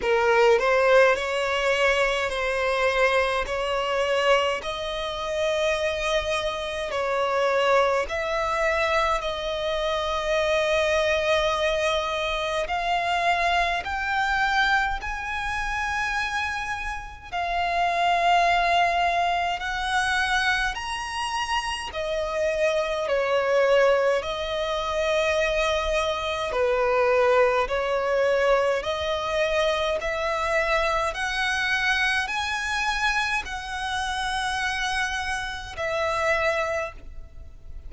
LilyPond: \new Staff \with { instrumentName = "violin" } { \time 4/4 \tempo 4 = 52 ais'8 c''8 cis''4 c''4 cis''4 | dis''2 cis''4 e''4 | dis''2. f''4 | g''4 gis''2 f''4~ |
f''4 fis''4 ais''4 dis''4 | cis''4 dis''2 b'4 | cis''4 dis''4 e''4 fis''4 | gis''4 fis''2 e''4 | }